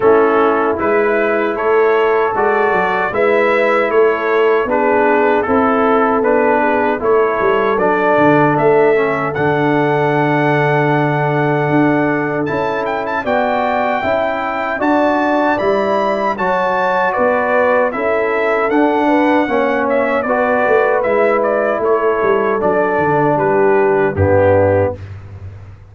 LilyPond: <<
  \new Staff \with { instrumentName = "trumpet" } { \time 4/4 \tempo 4 = 77 a'4 b'4 cis''4 d''4 | e''4 cis''4 b'4 a'4 | b'4 cis''4 d''4 e''4 | fis''1 |
a''8 g''16 a''16 g''2 a''4 | b''4 a''4 d''4 e''4 | fis''4. e''8 d''4 e''8 d''8 | cis''4 d''4 b'4 g'4 | }
  \new Staff \with { instrumentName = "horn" } { \time 4/4 e'2 a'2 | b'4 a'4 gis'4 a'4~ | a'8 gis'8 a'2.~ | a'1~ |
a'4 d''4 e''4 d''4~ | d''4 cis''4 b'4 a'4~ | a'8 b'8 cis''4 b'2 | a'2 g'4 d'4 | }
  \new Staff \with { instrumentName = "trombone" } { \time 4/4 cis'4 e'2 fis'4 | e'2 d'4 e'4 | d'4 e'4 d'4. cis'8 | d'1 |
e'4 fis'4 e'4 fis'4 | e'4 fis'2 e'4 | d'4 cis'4 fis'4 e'4~ | e'4 d'2 b4 | }
  \new Staff \with { instrumentName = "tuba" } { \time 4/4 a4 gis4 a4 gis8 fis8 | gis4 a4 b4 c'4 | b4 a8 g8 fis8 d8 a4 | d2. d'4 |
cis'4 b4 cis'4 d'4 | g4 fis4 b4 cis'4 | d'4 ais4 b8 a8 gis4 | a8 g8 fis8 d8 g4 g,4 | }
>>